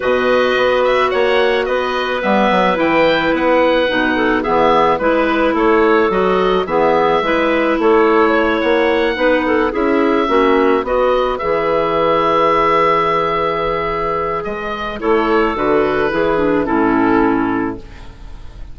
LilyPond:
<<
  \new Staff \with { instrumentName = "oboe" } { \time 4/4 \tempo 4 = 108 dis''4. e''8 fis''4 dis''4 | e''4 g''4 fis''2 | e''4 b'4 cis''4 dis''4 | e''2 cis''4. fis''8~ |
fis''4. e''2 dis''8~ | dis''8 e''2.~ e''8~ | e''2 dis''4 cis''4 | b'2 a'2 | }
  \new Staff \with { instrumentName = "clarinet" } { \time 4/4 b'2 cis''4 b'4~ | b'2.~ b'8 a'8 | gis'4 b'4 a'2 | gis'4 b'4 a'4 cis''4~ |
cis''8 b'8 a'8 gis'4 fis'4 b'8~ | b'1~ | b'2. a'4~ | a'4 gis'4 e'2 | }
  \new Staff \with { instrumentName = "clarinet" } { \time 4/4 fis'1 | b4 e'2 dis'4 | b4 e'2 fis'4 | b4 e'2.~ |
e'8 dis'4 e'4 cis'4 fis'8~ | fis'8 gis'2.~ gis'8~ | gis'2. e'4 | fis'4 e'8 d'8 cis'2 | }
  \new Staff \with { instrumentName = "bassoon" } { \time 4/4 b,4 b4 ais4 b4 | g8 fis8 e4 b4 b,4 | e4 gis4 a4 fis4 | e4 gis4 a4. ais8~ |
ais8 b4 cis'4 ais4 b8~ | b8 e2.~ e8~ | e2 gis4 a4 | d4 e4 a,2 | }
>>